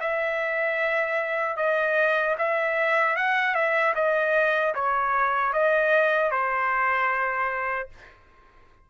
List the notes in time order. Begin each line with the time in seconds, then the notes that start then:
0.00 E5
1.56 D#5
2.38 E5
3.16 F#5
3.54 E5
3.95 D#5
4.74 C#5
5.53 D#5
6.31 C5